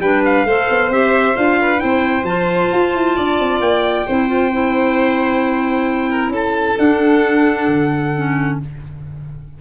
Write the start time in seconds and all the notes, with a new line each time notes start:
0.00 G3 D4 B4 G5
0.25 F5
0.45 A3 A4 C5
0.70 B3
0.90 C4 G4 E5
1.36 D4 F4 F5
1.61 B4
1.78 E4 C5 G5
1.84 C4
2.24 F3 F4 A5
2.73 F4
2.95 E4
3.16 D4 D5
3.40 C4
3.60 A#3 G5
4.06 C4 E4 C5
4.28 F4
4.53 E4
6.10 A#4
6.29 C#4 A4 A5
6.77 D4 F#5
7.68 D3
8.16 C#4